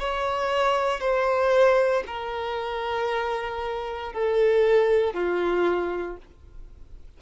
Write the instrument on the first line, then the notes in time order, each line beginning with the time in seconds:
violin
0.00 C#5
1.01 C5
2.07 A#4
4.13 A4
5.14 F4